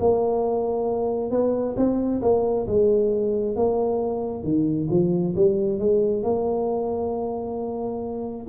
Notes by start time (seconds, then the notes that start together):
0.00 A#3
1.31 B3
1.77 C4
2.22 A#3
2.67 G#3
3.56 A#3
4.44 D#3
4.91 F3
5.36 G3
5.80 G#3
6.23 A#3